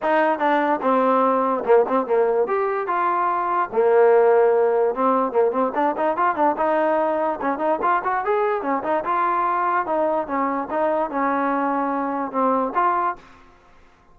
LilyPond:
\new Staff \with { instrumentName = "trombone" } { \time 4/4 \tempo 4 = 146 dis'4 d'4 c'2 | ais8 c'8 ais4 g'4 f'4~ | f'4 ais2. | c'4 ais8 c'8 d'8 dis'8 f'8 d'8 |
dis'2 cis'8 dis'8 f'8 fis'8 | gis'4 cis'8 dis'8 f'2 | dis'4 cis'4 dis'4 cis'4~ | cis'2 c'4 f'4 | }